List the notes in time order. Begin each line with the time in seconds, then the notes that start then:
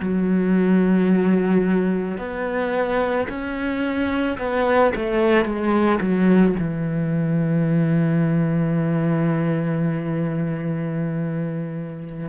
0.00 F#3
2.18 B3
3.29 C#4
4.38 B3
4.95 A3
5.45 G#3
6.00 F#3
6.59 E3